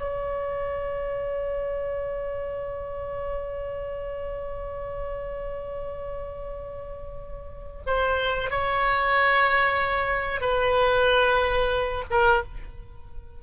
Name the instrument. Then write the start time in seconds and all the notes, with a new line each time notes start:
oboe
0.00 C#5
7.87 C5
8.50 C#5
10.41 B4
12.11 A#4